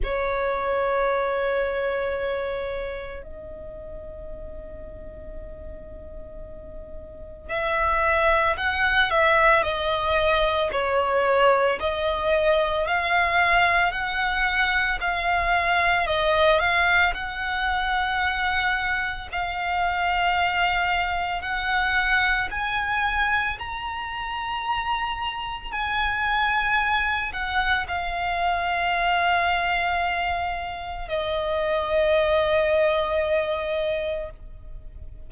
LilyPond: \new Staff \with { instrumentName = "violin" } { \time 4/4 \tempo 4 = 56 cis''2. dis''4~ | dis''2. e''4 | fis''8 e''8 dis''4 cis''4 dis''4 | f''4 fis''4 f''4 dis''8 f''8 |
fis''2 f''2 | fis''4 gis''4 ais''2 | gis''4. fis''8 f''2~ | f''4 dis''2. | }